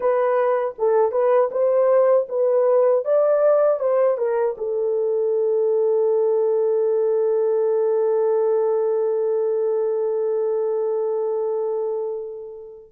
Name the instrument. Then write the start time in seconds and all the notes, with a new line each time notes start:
horn
0.00 B4
0.78 A4
1.11 B4
1.51 C5
2.28 B4
3.04 D5
3.79 C5
4.17 A#4
4.57 A4